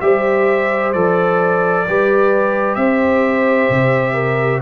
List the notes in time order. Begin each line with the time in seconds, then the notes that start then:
0.00 G3 G4 C5 E5
0.92 F3 A4 D5
1.87 G3 G4 B4
2.75 C4 C5 E5
3.69 C3
4.13 A#4